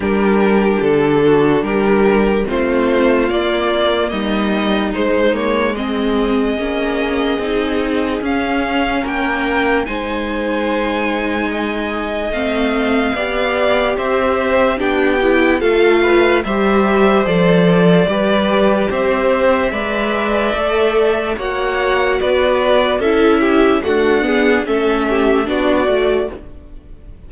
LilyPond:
<<
  \new Staff \with { instrumentName = "violin" } { \time 4/4 \tempo 4 = 73 ais'4 a'4 ais'4 c''4 | d''4 dis''4 c''8 cis''8 dis''4~ | dis''2 f''4 g''4 | gis''2. f''4~ |
f''4 e''4 g''4 f''4 | e''4 d''2 e''4~ | e''2 fis''4 d''4 | e''4 fis''4 e''4 d''4 | }
  \new Staff \with { instrumentName = "violin" } { \time 4/4 g'4. fis'8 g'4 f'4~ | f'4 dis'2 gis'4~ | gis'2. ais'4 | c''2 dis''2 |
d''4 c''4 g'4 a'8 b'8 | c''2 b'4 c''4 | d''2 cis''4 b'4 | a'8 g'8 fis'8 gis'8 a'8 g'8 fis'4 | }
  \new Staff \with { instrumentName = "viola" } { \time 4/4 d'2. c'4 | ais2 gis8 ais8 c'4 | cis'4 dis'4 cis'2 | dis'2. c'4 |
g'2 d'8 e'8 f'4 | g'4 a'4 g'2 | b'4 a'4 fis'2 | e'4 a8 b8 cis'4 d'8 fis'8 | }
  \new Staff \with { instrumentName = "cello" } { \time 4/4 g4 d4 g4 a4 | ais4 g4 gis2 | ais4 c'4 cis'4 ais4 | gis2. a4 |
b4 c'4 b4 a4 | g4 f4 g4 c'4 | gis4 a4 ais4 b4 | cis'4 d'4 a4 b8 a8 | }
>>